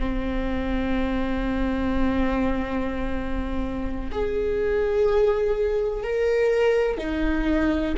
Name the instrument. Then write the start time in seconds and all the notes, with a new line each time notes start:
viola
0.00 C4
4.12 G#4
6.04 A#4
6.98 D#4